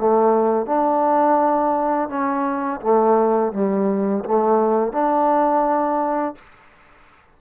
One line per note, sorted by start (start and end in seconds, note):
0.00 0.67 A3
0.67 2.09 D4
2.09 2.81 C#4
2.81 3.53 A3
3.53 4.24 G3
4.25 4.93 A3
4.93 6.36 D4